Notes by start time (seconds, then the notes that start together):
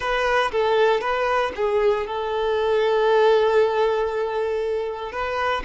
0.00 B4
0.51 A4
1.00 B4
1.55 G#4
2.07 A4
5.11 B4